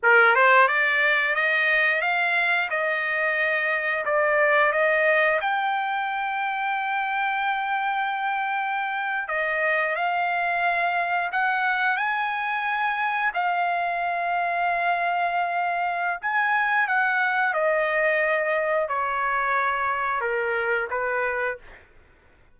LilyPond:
\new Staff \with { instrumentName = "trumpet" } { \time 4/4 \tempo 4 = 89 ais'8 c''8 d''4 dis''4 f''4 | dis''2 d''4 dis''4 | g''1~ | g''4.~ g''16 dis''4 f''4~ f''16~ |
f''8. fis''4 gis''2 f''16~ | f''1 | gis''4 fis''4 dis''2 | cis''2 ais'4 b'4 | }